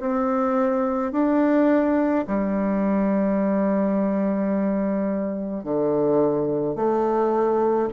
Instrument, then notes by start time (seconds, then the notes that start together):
bassoon
0.00 C4
1.12 D4
2.27 G3
5.64 D3
6.76 A3